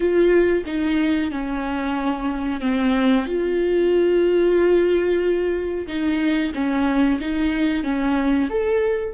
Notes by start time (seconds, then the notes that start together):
0.00 F4
0.66 D#4
1.31 C#4
2.60 C4
3.25 F4
5.87 D#4
6.54 C#4
7.20 D#4
7.83 C#4
8.49 A4